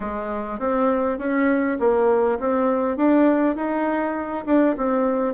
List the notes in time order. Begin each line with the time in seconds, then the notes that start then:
0.00 G#3
0.59 C4
1.18 C#4
1.79 A#3
2.39 C4
2.96 D4
3.55 D#4
4.46 D4
4.77 C4